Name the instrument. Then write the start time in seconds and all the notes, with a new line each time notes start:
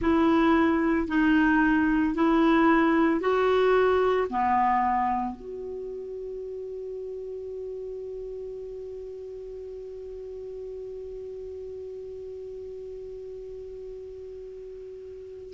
clarinet
0.00 E4
1.07 D#4
2.14 E4
3.20 F#4
4.29 B3
5.35 F#4